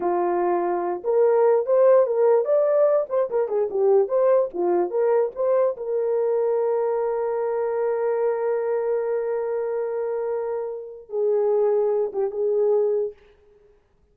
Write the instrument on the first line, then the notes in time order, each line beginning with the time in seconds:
horn
0.00 F4
1.04 A#4
1.66 C5
2.06 A#4
2.45 D5
3.09 C5
3.30 A#4
3.48 G#4
3.70 G4
4.08 C5
4.53 F4
4.90 A#4
5.35 C5
5.76 A#4
11.09 G#4
12.13 G4
12.31 G#4